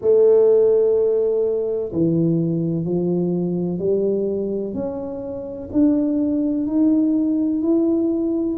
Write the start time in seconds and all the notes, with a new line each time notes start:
0.01 A3
1.92 E3
2.84 F3
3.78 G3
4.74 C#4
5.72 D4
6.67 D#4
7.62 E4